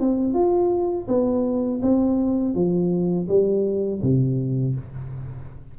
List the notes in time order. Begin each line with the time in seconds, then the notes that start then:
0.00 C4
0.34 F4
1.08 B3
1.83 C4
2.55 F3
3.29 G3
4.03 C3